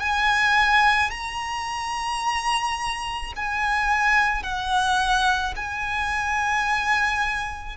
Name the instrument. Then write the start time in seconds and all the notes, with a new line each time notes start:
violin
0.00 G#5
1.11 A#5
3.36 G#5
4.43 F#5
5.57 G#5